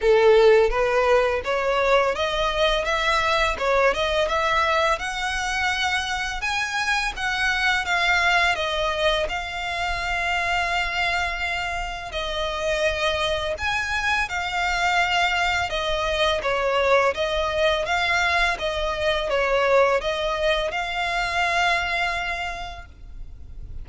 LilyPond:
\new Staff \with { instrumentName = "violin" } { \time 4/4 \tempo 4 = 84 a'4 b'4 cis''4 dis''4 | e''4 cis''8 dis''8 e''4 fis''4~ | fis''4 gis''4 fis''4 f''4 | dis''4 f''2.~ |
f''4 dis''2 gis''4 | f''2 dis''4 cis''4 | dis''4 f''4 dis''4 cis''4 | dis''4 f''2. | }